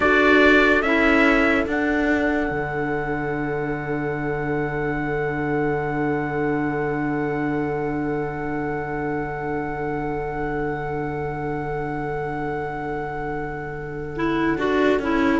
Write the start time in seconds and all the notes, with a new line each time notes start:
0.00 D4 F#4 A4 D5
0.81 C#4 E4 E5
1.66 D4 F#5
2.50 D3
14.16 E4
14.57 D4 F#4
14.99 C#4 E4